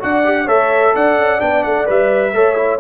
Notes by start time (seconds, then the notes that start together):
0.00 D4 F#4 D5 F#5
0.25 G4
0.45 A3 A4 C#5 E5
0.95 D4 D5 F#5
1.17 C#4
1.40 B3 D4 G5
1.64 A3 F#5
1.86 G3 B4 E5
2.33 A3 A4 C#5
2.56 E4